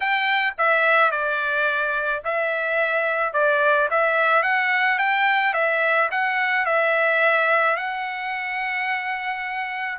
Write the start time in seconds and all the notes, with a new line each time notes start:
0.00 G5
0.57 E5
1.11 D5
2.24 E5
3.33 D5
3.90 E5
4.42 F#5
4.98 G5
5.53 E5
6.11 F#5
6.65 E5
7.76 F#5